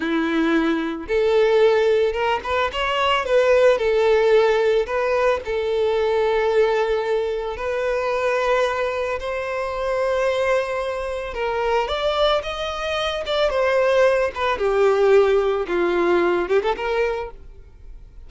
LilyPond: \new Staff \with { instrumentName = "violin" } { \time 4/4 \tempo 4 = 111 e'2 a'2 | ais'8 b'8 cis''4 b'4 a'4~ | a'4 b'4 a'2~ | a'2 b'2~ |
b'4 c''2.~ | c''4 ais'4 d''4 dis''4~ | dis''8 d''8 c''4. b'8 g'4~ | g'4 f'4. g'16 a'16 ais'4 | }